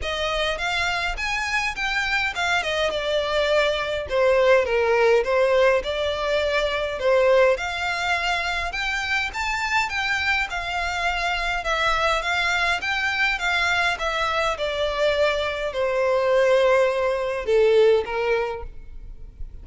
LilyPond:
\new Staff \with { instrumentName = "violin" } { \time 4/4 \tempo 4 = 103 dis''4 f''4 gis''4 g''4 | f''8 dis''8 d''2 c''4 | ais'4 c''4 d''2 | c''4 f''2 g''4 |
a''4 g''4 f''2 | e''4 f''4 g''4 f''4 | e''4 d''2 c''4~ | c''2 a'4 ais'4 | }